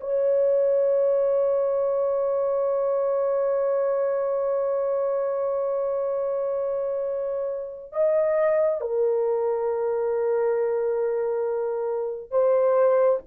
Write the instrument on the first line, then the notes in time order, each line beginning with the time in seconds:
horn
0.00 C#5
7.92 D#5
8.81 A#4
12.30 C5